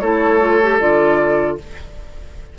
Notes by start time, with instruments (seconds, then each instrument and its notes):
0.00 bassoon A3, clarinet E4, oboe A4, flute C#5
0.40 clarinet F4
0.62 clarinet G4
0.79 bassoon D3, clarinet F4, flute D5